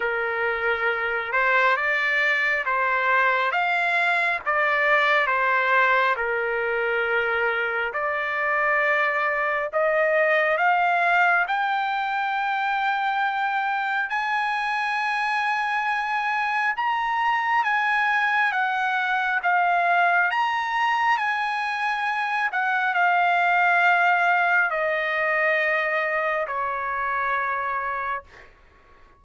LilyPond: \new Staff \with { instrumentName = "trumpet" } { \time 4/4 \tempo 4 = 68 ais'4. c''8 d''4 c''4 | f''4 d''4 c''4 ais'4~ | ais'4 d''2 dis''4 | f''4 g''2. |
gis''2. ais''4 | gis''4 fis''4 f''4 ais''4 | gis''4. fis''8 f''2 | dis''2 cis''2 | }